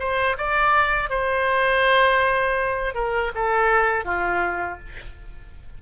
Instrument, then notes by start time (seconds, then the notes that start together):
oboe
0.00 C5
0.38 D5
1.10 C5
2.95 A#4
3.35 A4
4.05 F4